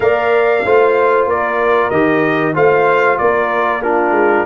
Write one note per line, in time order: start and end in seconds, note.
0.00 0.64 A#3
0.00 0.64 A#4
0.00 0.65 D5
0.00 1.27 F5
0.64 1.26 A3
0.64 1.92 F4
0.64 1.29 C5
1.26 1.90 A#3
1.26 2.55 A#4
1.26 1.89 D5
1.89 2.55 D#3
1.89 2.54 G4
1.89 2.53 D#5
2.54 3.19 A3
2.54 3.81 F4
2.54 3.18 C5
2.54 3.18 F5
3.18 4.10 A#3
3.18 3.83 A#4
3.18 3.82 D5
3.82 4.45 D4
3.82 4.45 F4
3.82 4.45 A#4
4.10 4.42 G#3